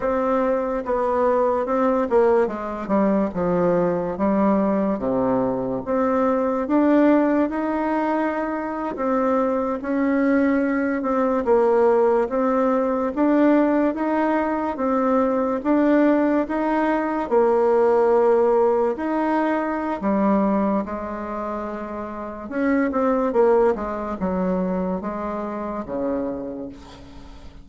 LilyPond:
\new Staff \with { instrumentName = "bassoon" } { \time 4/4 \tempo 4 = 72 c'4 b4 c'8 ais8 gis8 g8 | f4 g4 c4 c'4 | d'4 dis'4.~ dis'16 c'4 cis'16~ | cis'4~ cis'16 c'8 ais4 c'4 d'16~ |
d'8. dis'4 c'4 d'4 dis'16~ | dis'8. ais2 dis'4~ dis'16 | g4 gis2 cis'8 c'8 | ais8 gis8 fis4 gis4 cis4 | }